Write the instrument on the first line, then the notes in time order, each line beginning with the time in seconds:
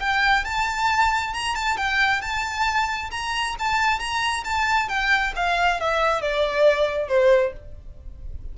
violin
0.00 G5
0.44 A5
1.33 A#5
1.55 A5
1.77 G5
2.21 A5
3.11 A#5
3.59 A5
3.99 A#5
4.44 A5
4.88 G5
5.36 F5
5.80 E5
6.21 D5
7.08 C5